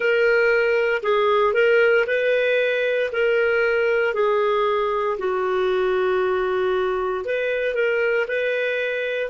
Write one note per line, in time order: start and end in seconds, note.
0.00 1.01 A#4
1.03 1.53 G#4
1.53 2.05 A#4
2.06 3.10 B4
3.12 4.14 A#4
4.14 5.17 G#4
5.18 7.24 F#4
7.24 7.74 B4
7.74 8.26 A#4
8.27 9.30 B4